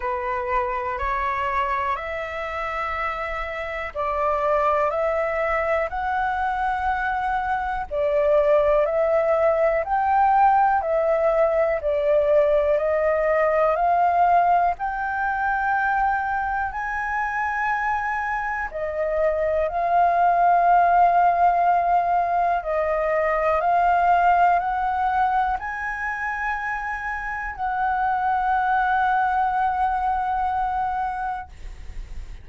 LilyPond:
\new Staff \with { instrumentName = "flute" } { \time 4/4 \tempo 4 = 61 b'4 cis''4 e''2 | d''4 e''4 fis''2 | d''4 e''4 g''4 e''4 | d''4 dis''4 f''4 g''4~ |
g''4 gis''2 dis''4 | f''2. dis''4 | f''4 fis''4 gis''2 | fis''1 | }